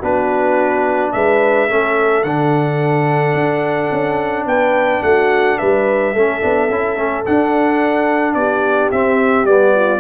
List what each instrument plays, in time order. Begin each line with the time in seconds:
0.00 tuba B3, trombone D4, horn F#4, trumpet B4
1.12 tuba G#3, horn B4, trumpet E5
1.69 tuba A3, trombone C#4, horn A4
2.24 tuba D3, trombone D4, trumpet F#5
3.34 tuba D4
3.92 tuba C#4
4.46 tuba B3, horn B4, trumpet G5
5.03 tuba A3, horn F#4, trumpet F#5
5.58 tuba G3, horn B4, trumpet E5
6.14 tuba A3, trombone C#4, horn A4
6.41 tuba B3, trombone D4
6.70 tuba C#4, trombone E4
6.96 tuba A3, trombone C#4
7.26 trombone D4, tuba D4, trumpet F#5
8.34 tuba B3, horn G4, trumpet D5
8.92 tuba C4, trombone C4, trumpet E5
9.45 tuba G3, trombone B3, trumpet D5
9.75 horn F4